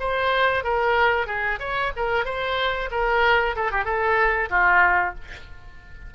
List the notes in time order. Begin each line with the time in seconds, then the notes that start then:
0.00 C5
0.64 A#4
1.27 G#4
1.60 C#5
1.96 A#4
2.25 C5
2.91 A#4
3.56 A4
3.72 G4
3.85 A4
4.50 F4